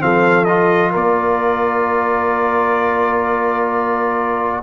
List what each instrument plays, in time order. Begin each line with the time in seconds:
0.00 tuba F3, trombone C4, horn A4, trumpet F5
0.45 trombone F4, trumpet D#5
0.92 tuba A#3, horn A#4, trumpet D5